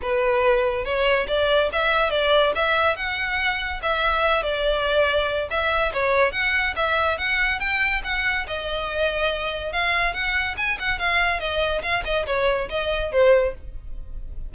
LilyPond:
\new Staff \with { instrumentName = "violin" } { \time 4/4 \tempo 4 = 142 b'2 cis''4 d''4 | e''4 d''4 e''4 fis''4~ | fis''4 e''4. d''4.~ | d''4 e''4 cis''4 fis''4 |
e''4 fis''4 g''4 fis''4 | dis''2. f''4 | fis''4 gis''8 fis''8 f''4 dis''4 | f''8 dis''8 cis''4 dis''4 c''4 | }